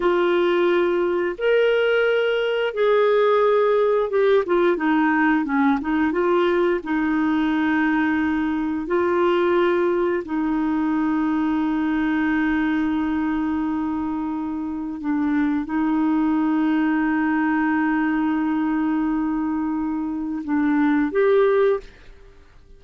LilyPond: \new Staff \with { instrumentName = "clarinet" } { \time 4/4 \tempo 4 = 88 f'2 ais'2 | gis'2 g'8 f'8 dis'4 | cis'8 dis'8 f'4 dis'2~ | dis'4 f'2 dis'4~ |
dis'1~ | dis'2 d'4 dis'4~ | dis'1~ | dis'2 d'4 g'4 | }